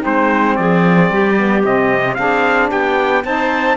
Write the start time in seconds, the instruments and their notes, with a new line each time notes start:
0.00 cello G#3, saxophone C4, clarinet D#4, trumpet C5
0.56 cello F3, clarinet G#4, trumpet D5
1.10 cello G3, clarinet G4
1.36 saxophone B3
1.63 cello C3, saxophone C4, trumpet D#5
2.15 cello C4, saxophone D4, clarinet G#4, trumpet F5
2.70 cello B3, clarinet G4, trumpet G5
3.24 cello C4, saxophone D#4, clarinet C5, trumpet A5